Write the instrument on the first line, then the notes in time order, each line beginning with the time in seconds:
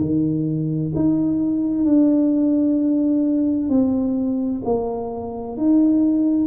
tuba
0.00 D#3
0.95 D#4
1.84 D4
3.69 C4
4.64 A#3
5.56 D#4